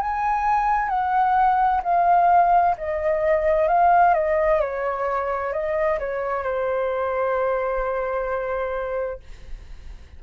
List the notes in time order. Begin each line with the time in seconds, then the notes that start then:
0.00 G#5
0.89 F#5
1.83 F5
2.77 D#5
3.68 F5
4.14 D#5
4.60 C#5
5.53 D#5
5.99 C#5
6.42 C5